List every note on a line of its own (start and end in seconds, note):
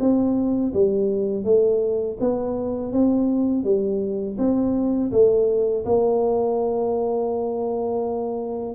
0.00 0.73 C4
0.74 1.44 G3
1.44 2.17 A3
2.20 2.92 B3
2.92 3.64 C4
3.64 4.37 G3
4.38 5.11 C4
5.12 5.85 A3
5.85 8.75 A#3